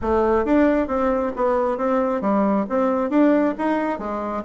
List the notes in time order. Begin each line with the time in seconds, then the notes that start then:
0.01 A3
0.45 D4
0.87 C4
1.36 B3
1.77 C4
2.21 G3
2.69 C4
3.10 D4
3.58 D#4
3.98 G#3